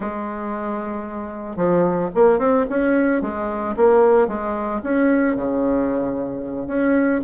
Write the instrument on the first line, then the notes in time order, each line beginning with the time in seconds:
bassoon
0.00 G#3
1.56 F3
2.14 A#3
2.38 C4
2.69 C#4
3.21 G#3
3.76 A#3
4.27 G#3
4.83 C#4
5.36 C#3
6.67 C#4